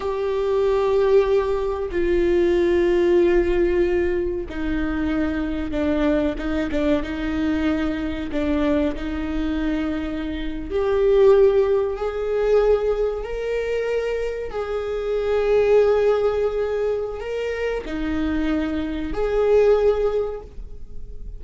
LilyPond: \new Staff \with { instrumentName = "viola" } { \time 4/4 \tempo 4 = 94 g'2. f'4~ | f'2. dis'4~ | dis'4 d'4 dis'8 d'8 dis'4~ | dis'4 d'4 dis'2~ |
dis'8. g'2 gis'4~ gis'16~ | gis'8. ais'2 gis'4~ gis'16~ | gis'2. ais'4 | dis'2 gis'2 | }